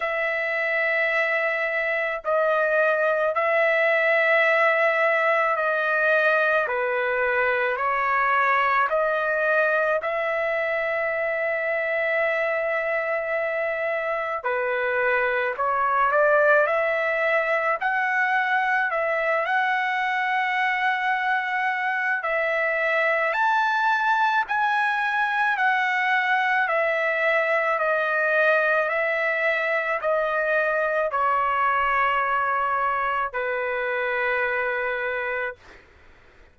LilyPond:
\new Staff \with { instrumentName = "trumpet" } { \time 4/4 \tempo 4 = 54 e''2 dis''4 e''4~ | e''4 dis''4 b'4 cis''4 | dis''4 e''2.~ | e''4 b'4 cis''8 d''8 e''4 |
fis''4 e''8 fis''2~ fis''8 | e''4 a''4 gis''4 fis''4 | e''4 dis''4 e''4 dis''4 | cis''2 b'2 | }